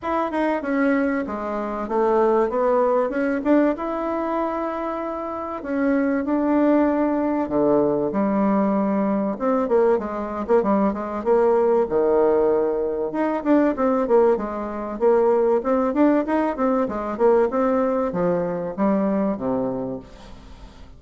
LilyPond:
\new Staff \with { instrumentName = "bassoon" } { \time 4/4 \tempo 4 = 96 e'8 dis'8 cis'4 gis4 a4 | b4 cis'8 d'8 e'2~ | e'4 cis'4 d'2 | d4 g2 c'8 ais8 |
gis8. ais16 g8 gis8 ais4 dis4~ | dis4 dis'8 d'8 c'8 ais8 gis4 | ais4 c'8 d'8 dis'8 c'8 gis8 ais8 | c'4 f4 g4 c4 | }